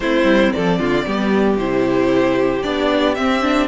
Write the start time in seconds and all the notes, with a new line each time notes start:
0.00 A3 C4 E4 C5
0.23 G3
0.52 F3 A4 D5
0.79 D3 F4
1.06 G3 B3 G4
1.57 C3 E4 C5
2.62 B3 D4 D5
3.14 C4 E5
3.42 D4